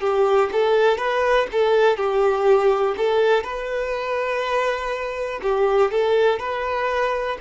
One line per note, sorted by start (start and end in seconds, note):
0.00 0.49 G4
0.52 0.97 A4
0.97 1.46 B4
1.52 1.96 A4
1.96 2.95 G4
2.97 3.43 A4
3.43 5.40 B4
5.42 5.91 G4
5.91 6.39 A4
6.39 7.37 B4